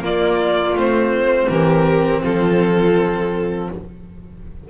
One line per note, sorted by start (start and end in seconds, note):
0.00 0.73 A#3
0.00 0.76 A#3
0.00 1.49 F4
0.00 0.78 D5
0.74 1.47 A3
0.74 3.69 C4
0.74 1.48 C5
1.48 2.22 E3
1.48 2.22 G4
1.48 2.21 A#4
2.22 3.69 F3
2.22 3.68 F4
2.22 3.70 A4